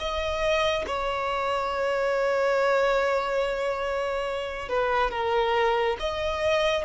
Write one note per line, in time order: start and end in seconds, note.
0.00 0.86 D#5
0.87 4.69 C#5
4.69 5.11 B4
5.11 5.97 A#4
6.00 6.85 D#5